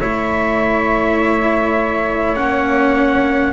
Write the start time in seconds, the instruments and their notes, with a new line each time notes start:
0.00 double bass A3, cello E4, flute C#5, trumpet E5
2.36 double bass A#3, cello C#4, trumpet F#5